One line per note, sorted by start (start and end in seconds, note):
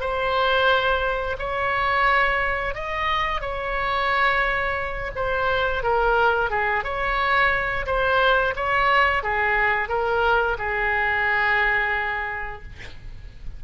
0.00 1.36 C5
1.39 2.75 C#5
2.75 3.41 D#5
3.41 5.11 C#5
5.15 5.83 C5
5.83 6.50 A#4
6.50 6.84 G#4
6.84 7.86 C#5
7.86 8.54 C5
8.56 9.23 C#5
9.23 9.89 G#4
9.89 10.57 A#4
10.58 12.63 G#4